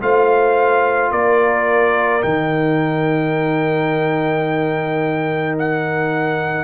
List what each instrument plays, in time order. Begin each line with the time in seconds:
0.00 tuba A3, trombone F4, horn C5, trumpet F5
1.12 tuba A#3, horn A#4, trumpet D5
2.22 tuba D#3, trombone D#4, trumpet G5
5.59 trumpet F#5